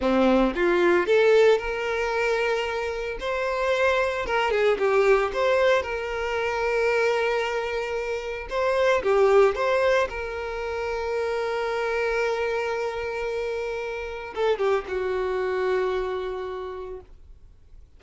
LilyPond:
\new Staff \with { instrumentName = "violin" } { \time 4/4 \tempo 4 = 113 c'4 f'4 a'4 ais'4~ | ais'2 c''2 | ais'8 gis'8 g'4 c''4 ais'4~ | ais'1 |
c''4 g'4 c''4 ais'4~ | ais'1~ | ais'2. a'8 g'8 | fis'1 | }